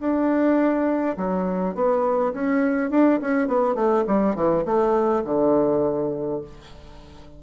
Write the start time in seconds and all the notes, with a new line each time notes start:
0.00 D4
1.17 F#3
1.75 B3
2.33 C#4
2.91 D4
3.21 C#4
3.48 B3
3.75 A3
4.08 G3
4.36 E3
4.65 A3
5.25 D3